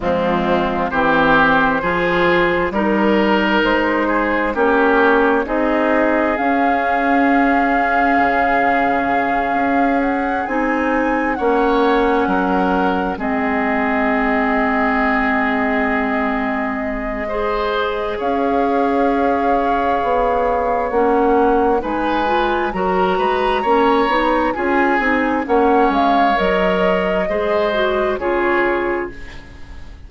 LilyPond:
<<
  \new Staff \with { instrumentName = "flute" } { \time 4/4 \tempo 4 = 66 f'4 c''2 ais'4 | c''4 cis''4 dis''4 f''4~ | f''2. fis''8 gis''8~ | gis''8 fis''2 dis''4.~ |
dis''1 | f''2. fis''4 | gis''4 ais''2 gis''4 | fis''8 f''8 dis''2 cis''4 | }
  \new Staff \with { instrumentName = "oboe" } { \time 4/4 c'4 g'4 gis'4 ais'4~ | ais'8 gis'8 g'4 gis'2~ | gis'1~ | gis'8 cis''4 ais'4 gis'4.~ |
gis'2. c''4 | cis''1 | b'4 ais'8 b'8 cis''4 gis'4 | cis''2 c''4 gis'4 | }
  \new Staff \with { instrumentName = "clarinet" } { \time 4/4 gis4 c'4 f'4 dis'4~ | dis'4 cis'4 dis'4 cis'4~ | cis'2.~ cis'8 dis'8~ | dis'8 cis'2 c'4.~ |
c'2. gis'4~ | gis'2. cis'4 | dis'8 f'8 fis'4 cis'8 dis'8 f'8 dis'8 | cis'4 ais'4 gis'8 fis'8 f'4 | }
  \new Staff \with { instrumentName = "bassoon" } { \time 4/4 f4 e4 f4 g4 | gis4 ais4 c'4 cis'4~ | cis'4 cis4. cis'4 c'8~ | c'8 ais4 fis4 gis4.~ |
gis1 | cis'2 b4 ais4 | gis4 fis8 gis8 ais8 b8 cis'8 c'8 | ais8 gis8 fis4 gis4 cis4 | }
>>